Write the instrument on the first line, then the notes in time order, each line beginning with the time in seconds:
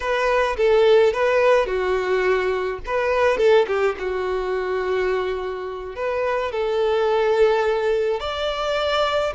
violin
0.00 B4
0.57 A4
1.13 B4
1.66 F#4
2.86 B4
3.37 A4
3.67 G4
3.99 F#4
5.95 B4
6.51 A4
8.20 D5